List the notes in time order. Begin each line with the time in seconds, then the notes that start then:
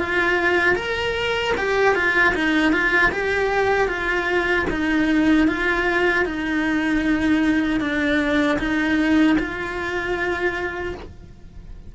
0.00 F4
0.76 A#4
1.58 G4
1.96 F4
2.35 D#4
2.73 F4
3.12 G4
3.89 F4
4.70 D#4
5.48 F4
6.26 D#4
7.81 D4
8.59 D#4
9.39 F4